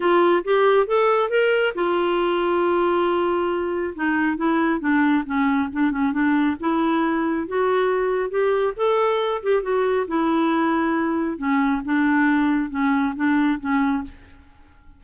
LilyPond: \new Staff \with { instrumentName = "clarinet" } { \time 4/4 \tempo 4 = 137 f'4 g'4 a'4 ais'4 | f'1~ | f'4 dis'4 e'4 d'4 | cis'4 d'8 cis'8 d'4 e'4~ |
e'4 fis'2 g'4 | a'4. g'8 fis'4 e'4~ | e'2 cis'4 d'4~ | d'4 cis'4 d'4 cis'4 | }